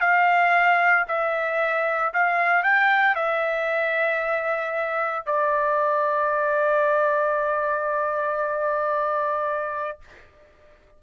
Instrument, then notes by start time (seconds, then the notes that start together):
trumpet
0.00 F5
1.08 E5
2.13 F5
2.63 G5
3.15 E5
5.25 D5